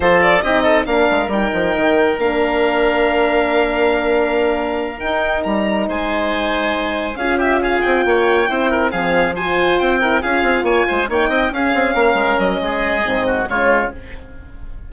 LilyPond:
<<
  \new Staff \with { instrumentName = "violin" } { \time 4/4 \tempo 4 = 138 c''8 d''8 dis''4 f''4 g''4~ | g''4 f''2.~ | f''2.~ f''8 g''8~ | g''8 ais''4 gis''2~ gis''8~ |
gis''8 f''8 e''8 f''8 g''2~ | g''8 f''4 gis''4 g''4 f''8~ | f''8 gis''4 g''4 f''4.~ | f''8 dis''2~ dis''8 cis''4 | }
  \new Staff \with { instrumentName = "oboe" } { \time 4/4 a'4 g'8 a'8 ais'2~ | ais'1~ | ais'1~ | ais'4. c''2~ c''8~ |
c''8 gis'8 g'8 gis'4 cis''4 c''8 | ais'8 gis'4 c''4. ais'8 gis'8~ | gis'8 cis''8 c''8 cis''8 dis''8 gis'4 ais'8~ | ais'4 gis'4. fis'8 f'4 | }
  \new Staff \with { instrumentName = "horn" } { \time 4/4 f'4 dis'4 d'4 dis'4~ | dis'4 d'2.~ | d'2.~ d'8 dis'8~ | dis'1~ |
dis'8 f'2. e'8~ | e'8 c'4 f'4. e'8 f'8~ | f'4. dis'4 cis'4.~ | cis'2 c'4 gis4 | }
  \new Staff \with { instrumentName = "bassoon" } { \time 4/4 f4 c'4 ais8 gis8 g8 f8 | dis4 ais2.~ | ais2.~ ais8 dis'8~ | dis'8 g4 gis2~ gis8~ |
gis8 cis'4. c'8 ais4 c'8~ | c'8 f2 c'4 cis'8 | c'8 ais8 gis8 ais8 c'8 cis'8 c'8 ais8 | gis8 fis8 gis4 gis,4 cis4 | }
>>